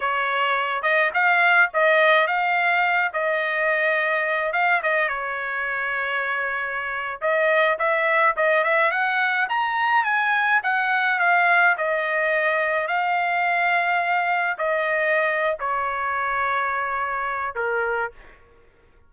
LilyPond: \new Staff \with { instrumentName = "trumpet" } { \time 4/4 \tempo 4 = 106 cis''4. dis''8 f''4 dis''4 | f''4. dis''2~ dis''8 | f''8 dis''8 cis''2.~ | cis''8. dis''4 e''4 dis''8 e''8 fis''16~ |
fis''8. ais''4 gis''4 fis''4 f''16~ | f''8. dis''2 f''4~ f''16~ | f''4.~ f''16 dis''4.~ dis''16 cis''8~ | cis''2. ais'4 | }